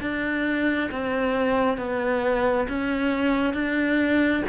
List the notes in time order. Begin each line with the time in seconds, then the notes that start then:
0.00 D4
0.91 C4
1.77 B3
2.68 C#4
3.53 D4